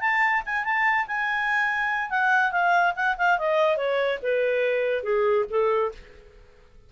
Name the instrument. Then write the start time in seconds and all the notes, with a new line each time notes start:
clarinet
0.00 A5
0.45 G#5
0.64 A5
1.07 G#5
2.10 F#5
2.51 F5
2.95 F#5
3.17 F5
3.38 D#5
3.77 C#5
4.22 B4
5.03 G#4
5.50 A4